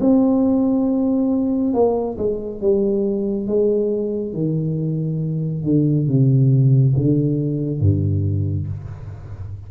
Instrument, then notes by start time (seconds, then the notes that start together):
tuba
0.00 C4
1.73 A#3
2.17 G#3
2.61 G3
3.47 G#3
4.33 D#3
5.63 D3
6.07 C3
6.96 D3
7.80 G2